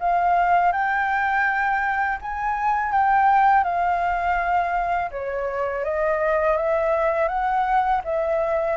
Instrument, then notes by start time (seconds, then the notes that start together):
flute
0.00 F5
0.72 G5
2.22 G#5
2.92 G5
3.64 F5
5.11 C#5
5.84 D#5
6.58 E5
7.29 F#5
8.05 E5